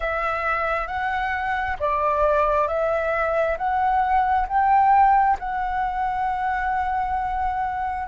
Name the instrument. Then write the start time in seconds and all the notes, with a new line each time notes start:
flute
0.00 E5
0.87 F#5
1.79 D5
2.67 E5
3.57 F#5
4.48 G5
5.39 F#5